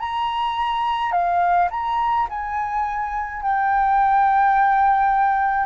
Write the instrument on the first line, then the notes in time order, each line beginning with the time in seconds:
flute
0.00 A#5
1.12 F5
1.71 A#5
2.30 G#5
3.42 G5